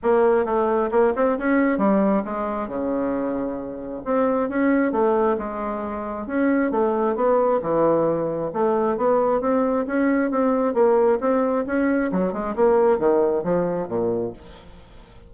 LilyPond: \new Staff \with { instrumentName = "bassoon" } { \time 4/4 \tempo 4 = 134 ais4 a4 ais8 c'8 cis'4 | g4 gis4 cis2~ | cis4 c'4 cis'4 a4 | gis2 cis'4 a4 |
b4 e2 a4 | b4 c'4 cis'4 c'4 | ais4 c'4 cis'4 fis8 gis8 | ais4 dis4 f4 ais,4 | }